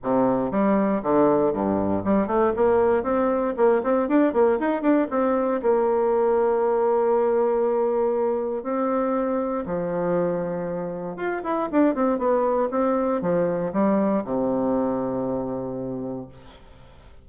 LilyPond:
\new Staff \with { instrumentName = "bassoon" } { \time 4/4 \tempo 4 = 118 c4 g4 d4 g,4 | g8 a8 ais4 c'4 ais8 c'8 | d'8 ais8 dis'8 d'8 c'4 ais4~ | ais1~ |
ais4 c'2 f4~ | f2 f'8 e'8 d'8 c'8 | b4 c'4 f4 g4 | c1 | }